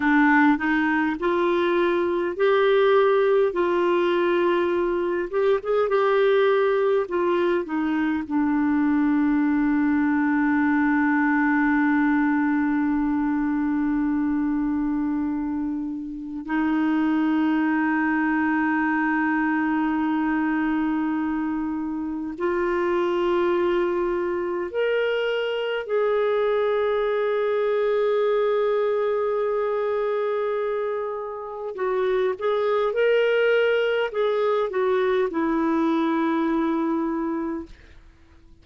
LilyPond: \new Staff \with { instrumentName = "clarinet" } { \time 4/4 \tempo 4 = 51 d'8 dis'8 f'4 g'4 f'4~ | f'8 g'16 gis'16 g'4 f'8 dis'8 d'4~ | d'1~ | d'2 dis'2~ |
dis'2. f'4~ | f'4 ais'4 gis'2~ | gis'2. fis'8 gis'8 | ais'4 gis'8 fis'8 e'2 | }